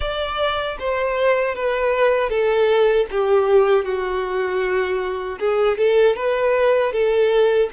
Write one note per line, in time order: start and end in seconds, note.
0.00 0.77 D5
0.79 1.55 C5
1.55 2.29 B4
2.29 3.06 A4
3.10 3.85 G4
3.85 5.38 F#4
5.38 5.77 G#4
5.77 6.15 A4
6.15 6.92 B4
6.92 7.69 A4